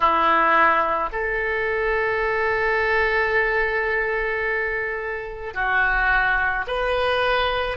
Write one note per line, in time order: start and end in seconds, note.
0.00 1.09 E4
1.12 5.54 A4
5.54 6.65 F#4
6.67 7.77 B4